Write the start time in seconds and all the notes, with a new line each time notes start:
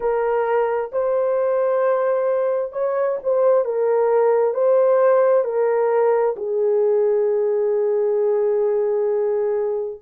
0.00 A#4
0.91 C5
2.72 C#5
3.23 C5
3.64 A#4
4.53 C5
5.44 A#4
6.36 G#4